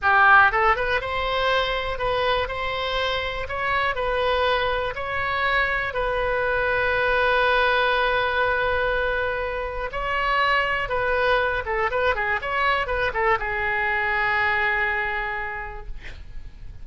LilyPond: \new Staff \with { instrumentName = "oboe" } { \time 4/4 \tempo 4 = 121 g'4 a'8 b'8 c''2 | b'4 c''2 cis''4 | b'2 cis''2 | b'1~ |
b'1 | cis''2 b'4. a'8 | b'8 gis'8 cis''4 b'8 a'8 gis'4~ | gis'1 | }